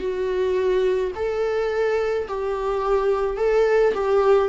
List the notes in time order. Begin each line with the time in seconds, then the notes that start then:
0.00 F#4
1.16 A4
2.28 G4
3.38 A4
3.94 G4